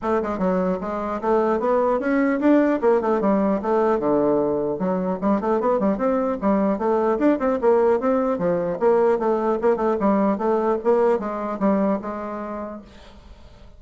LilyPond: \new Staff \with { instrumentName = "bassoon" } { \time 4/4 \tempo 4 = 150 a8 gis8 fis4 gis4 a4 | b4 cis'4 d'4 ais8 a8 | g4 a4 d2 | fis4 g8 a8 b8 g8 c'4 |
g4 a4 d'8 c'8 ais4 | c'4 f4 ais4 a4 | ais8 a8 g4 a4 ais4 | gis4 g4 gis2 | }